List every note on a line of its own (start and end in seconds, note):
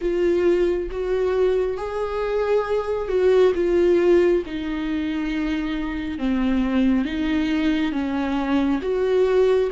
0.01 0.89 F4
0.91 1.77 F#4
1.77 3.08 G#4
3.08 3.52 F#4
3.55 4.43 F4
4.46 6.18 D#4
6.18 7.04 C4
7.04 7.92 D#4
7.92 8.80 C#4
8.82 9.70 F#4